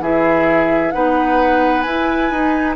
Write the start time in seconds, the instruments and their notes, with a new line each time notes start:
0.00 bassoon E3, clarinet E4, oboe G#4, flute E5
0.92 bassoon B3, clarinet D#4, oboe B4, flute F#5
1.82 bassoon E4, clarinet E4, flute G#5
2.31 bassoon D#4, clarinet D#4